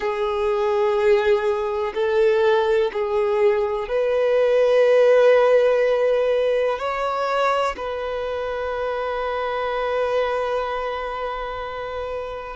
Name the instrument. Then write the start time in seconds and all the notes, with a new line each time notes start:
violin
0.00 G#4
1.94 A4
2.93 G#4
3.88 B4
6.78 C#5
7.76 B4